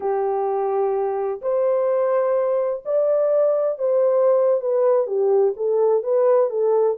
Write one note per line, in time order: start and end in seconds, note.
0.00 1.41 G4
1.41 2.83 C5
2.85 3.78 D5
3.78 4.60 C5
4.60 5.06 B4
5.06 5.54 G4
5.56 6.03 A4
6.03 6.50 B4
6.50 6.97 A4